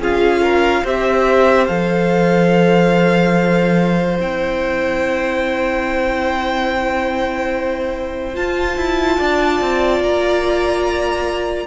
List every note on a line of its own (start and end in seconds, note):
0.00 0.83 C#4
0.00 0.85 F4
0.00 0.42 G#4
0.00 0.87 F5
0.42 0.84 A#4
0.84 1.68 C4
0.84 1.69 G4
0.84 9.17 C5
0.84 1.67 E5
1.67 4.19 F3
1.67 4.19 A4
1.67 4.17 F5
4.19 8.36 C4
4.19 8.35 E4
4.19 8.36 G5
8.35 11.67 F4
8.35 8.77 F4
8.35 10.03 A5
8.77 9.19 E4
9.18 9.61 D4
9.18 11.67 D5
9.61 10.00 C4
10.00 11.67 A#3
10.00 11.67 A#5